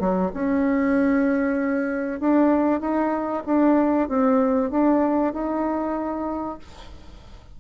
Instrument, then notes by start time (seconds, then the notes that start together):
bassoon
0.00 F#3
0.34 C#4
2.20 D4
2.81 D#4
3.46 D4
4.09 C4
4.71 D4
5.34 D#4